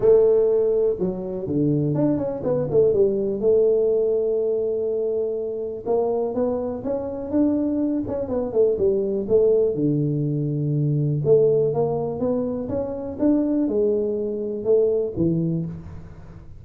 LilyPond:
\new Staff \with { instrumentName = "tuba" } { \time 4/4 \tempo 4 = 123 a2 fis4 d4 | d'8 cis'8 b8 a8 g4 a4~ | a1 | ais4 b4 cis'4 d'4~ |
d'8 cis'8 b8 a8 g4 a4 | d2. a4 | ais4 b4 cis'4 d'4 | gis2 a4 e4 | }